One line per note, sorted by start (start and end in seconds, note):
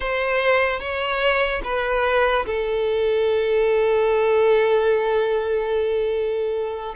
0.00 0.80 C5
0.80 1.61 C#5
1.63 2.45 B4
2.46 6.95 A4